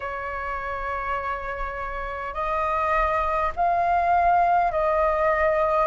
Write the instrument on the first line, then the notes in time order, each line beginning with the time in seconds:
flute
0.00 C#5
2.34 D#5
3.56 F5
4.71 D#5